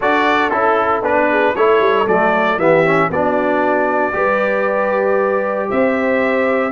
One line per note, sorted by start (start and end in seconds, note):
0.00 0.52 D4
0.00 0.51 F#4
0.00 1.29 A4
0.00 0.50 D5
0.50 1.02 C#4
0.50 1.03 E4
0.50 1.01 A4
1.02 1.53 B3
1.02 1.55 D4
1.02 1.55 B4
1.29 1.55 G#4
1.55 1.80 A3
1.55 2.07 E4
1.55 2.58 A4
1.55 2.07 C#5
1.80 2.06 G3
2.07 2.57 F#3
2.07 2.59 A3
2.07 2.59 D5
2.57 3.09 E3
2.57 2.85 B3
2.57 3.09 G4
2.57 3.11 E5
2.85 3.11 C#4
3.10 4.13 B3
3.10 4.12 D4
3.10 4.14 F#4
3.10 5.70 D5
4.12 5.69 G3
4.12 6.71 G4
4.12 5.69 B4
5.69 6.72 C4
5.69 6.72 C5
5.69 6.72 E5